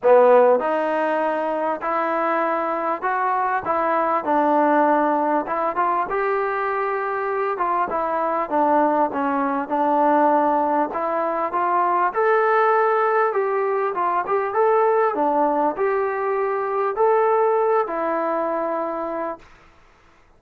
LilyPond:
\new Staff \with { instrumentName = "trombone" } { \time 4/4 \tempo 4 = 99 b4 dis'2 e'4~ | e'4 fis'4 e'4 d'4~ | d'4 e'8 f'8 g'2~ | g'8 f'8 e'4 d'4 cis'4 |
d'2 e'4 f'4 | a'2 g'4 f'8 g'8 | a'4 d'4 g'2 | a'4. e'2~ e'8 | }